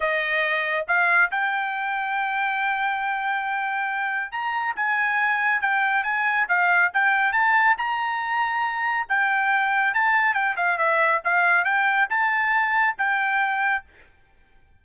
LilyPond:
\new Staff \with { instrumentName = "trumpet" } { \time 4/4 \tempo 4 = 139 dis''2 f''4 g''4~ | g''1~ | g''2 ais''4 gis''4~ | gis''4 g''4 gis''4 f''4 |
g''4 a''4 ais''2~ | ais''4 g''2 a''4 | g''8 f''8 e''4 f''4 g''4 | a''2 g''2 | }